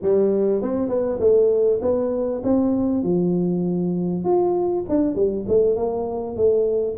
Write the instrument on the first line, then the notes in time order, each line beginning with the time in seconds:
tuba
0.02 G3
0.62 C4
0.88 B3
1.20 A3
1.81 B3
2.43 C4
3.03 F3
4.24 F4
4.88 D4
5.15 G3
5.48 A3
5.75 A#3
6.36 A3